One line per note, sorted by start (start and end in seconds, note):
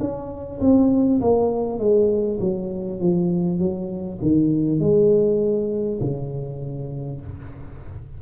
0.00 0.60 C#4
0.60 1.20 C4
1.20 1.78 A#3
1.78 2.38 G#3
2.40 3.00 F#3
3.00 3.58 F3
3.58 4.18 F#3
4.21 4.79 D#3
4.79 5.99 G#3
6.00 7.20 C#3